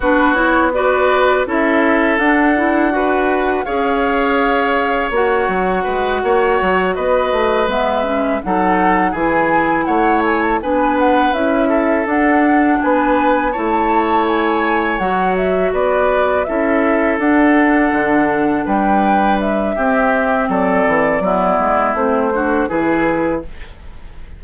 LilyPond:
<<
  \new Staff \with { instrumentName = "flute" } { \time 4/4 \tempo 4 = 82 b'8 cis''8 d''4 e''4 fis''4~ | fis''4 f''2 fis''4~ | fis''4. dis''4 e''4 fis''8~ | fis''8 gis''4 fis''8 gis''16 a''16 gis''8 fis''8 e''8~ |
e''8 fis''4 gis''4 a''4 gis''8~ | gis''8 fis''8 e''8 d''4 e''4 fis''8~ | fis''4. g''4 e''4. | d''2 c''4 b'4 | }
  \new Staff \with { instrumentName = "oboe" } { \time 4/4 fis'4 b'4 a'2 | b'4 cis''2. | b'8 cis''4 b'2 a'8~ | a'8 gis'4 cis''4 b'4. |
a'4. b'4 cis''4.~ | cis''4. b'4 a'4.~ | a'4. b'4. g'4 | a'4 e'4. fis'8 gis'4 | }
  \new Staff \with { instrumentName = "clarinet" } { \time 4/4 d'8 e'8 fis'4 e'4 d'8 e'8 | fis'4 gis'2 fis'4~ | fis'2~ fis'8 b8 cis'8 dis'8~ | dis'8 e'2 d'4 e'8~ |
e'8 d'2 e'4.~ | e'8 fis'2 e'4 d'8~ | d'2. c'4~ | c'4 b4 c'8 d'8 e'4 | }
  \new Staff \with { instrumentName = "bassoon" } { \time 4/4 b2 cis'4 d'4~ | d'4 cis'2 ais8 fis8 | gis8 ais8 fis8 b8 a8 gis4 fis8~ | fis8 e4 a4 b4 cis'8~ |
cis'8 d'4 b4 a4.~ | a8 fis4 b4 cis'4 d'8~ | d'8 d4 g4. c'4 | fis8 e8 fis8 gis8 a4 e4 | }
>>